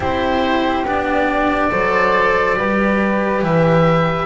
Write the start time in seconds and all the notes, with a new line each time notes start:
0.00 C4 E4 G4 C5
0.84 B3 D4 D5
1.71 F#3 A4 C5
2.56 G3 G4 B4
3.42 E3 E5